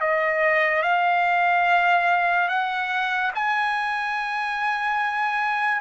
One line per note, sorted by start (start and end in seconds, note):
0.00 0.82 D#5
0.82 2.48 F5
2.48 3.31 F#5
3.34 5.80 G#5